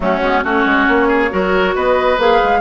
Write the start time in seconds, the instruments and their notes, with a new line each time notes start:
0.00 bassoon F#3, clarinet A3, oboe C#4, flute F#4
0.21 bassoon G#3, clarinet B3
0.43 bassoon A3, clarinet C#4, oboe F#4, flute C#5
0.65 bassoon G#3
0.87 bassoon A#3
1.07 oboe G#4
1.30 bassoon F#3, clarinet F#4, oboe A#4
1.75 bassoon B3, oboe B4, flute D#5
2.18 bassoon A#3, clarinet G#4, flute F5
2.43 bassoon G#3